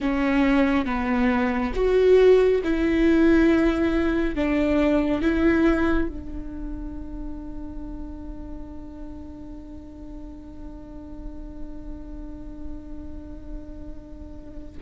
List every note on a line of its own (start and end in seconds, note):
0.00 0.85 C#4
0.85 1.72 B3
1.74 2.61 F#4
2.63 4.35 E4
4.35 5.22 D4
5.22 6.08 E4
6.08 14.77 D4